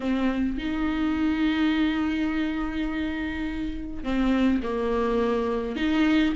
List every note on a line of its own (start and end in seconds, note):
0.00 0.57 C4
0.57 4.03 D#4
4.03 4.61 C4
4.62 5.75 A#3
5.75 6.33 D#4